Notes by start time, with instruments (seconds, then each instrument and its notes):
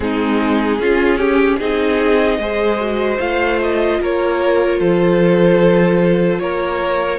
0.00 cello G#3, viola C4, violin D#4 G#4
0.78 cello C#4, viola C#4, violin F4
1.17 violin G4
1.58 cello C4, viola D#4, violin G#4 D#5
2.38 cello G#3, viola G#4, violin C5
2.81 viola F#4
3.19 cello A3, viola F4, violin F5
3.62 violin D#5
4.00 cello A#3, violin A#4 C#5
4.79 cello F3, violin A4 C5
6.39 cello A#3, violin A#4 C#5